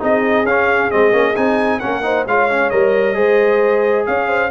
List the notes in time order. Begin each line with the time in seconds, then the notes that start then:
0.00 C4 D#4 G#4 D#5
0.44 C#4 F5
0.91 G#3 C4 D#5
1.12 A#3 C#4
1.36 C4 D#4 G#5
1.80 A#3 C#4 A#4 F#5
2.03 D#4 C5
2.27 G#3 F4 C#5 F5
2.51 C#4
2.70 G3 A#4 D#5
3.14 G#3 G#4 C5
4.06 C#4 C#5 F5
4.29 C5